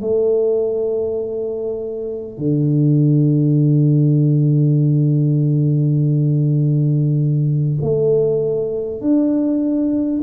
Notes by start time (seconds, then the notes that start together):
0.00 A3
2.38 D3
7.82 A3
9.01 D4